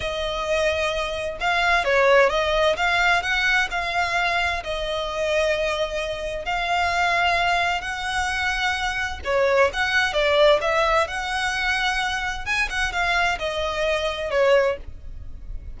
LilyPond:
\new Staff \with { instrumentName = "violin" } { \time 4/4 \tempo 4 = 130 dis''2. f''4 | cis''4 dis''4 f''4 fis''4 | f''2 dis''2~ | dis''2 f''2~ |
f''4 fis''2. | cis''4 fis''4 d''4 e''4 | fis''2. gis''8 fis''8 | f''4 dis''2 cis''4 | }